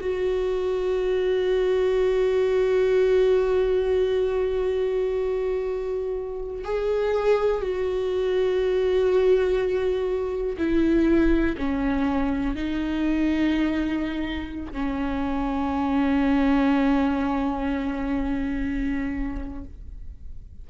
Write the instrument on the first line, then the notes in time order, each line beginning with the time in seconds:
viola
0.00 F#4
6.64 G#4
7.61 F#4
10.57 E4
11.58 C#4
12.55 D#4
14.72 C#4